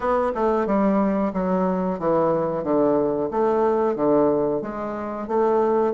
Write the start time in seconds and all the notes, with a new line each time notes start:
0.00 B3
0.34 A3
0.66 G3
1.33 F#3
1.99 E3
2.63 D3
3.30 A3
3.95 D3
4.61 G#3
5.27 A3